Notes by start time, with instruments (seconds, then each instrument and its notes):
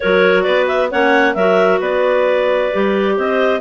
0.00 bassoon F#3, clarinet F#4 A#4 C#5
0.43 bassoon B3, clarinet B4 D5
0.67 clarinet E5
0.89 bassoon A#3, clarinet C#4 C#5 F#5
1.34 bassoon F#3, clarinet F#4 A#4 E5
1.79 bassoon B3, clarinet B4 D5
2.72 bassoon G3, clarinet G4
3.17 bassoon C4, clarinet C5 D#5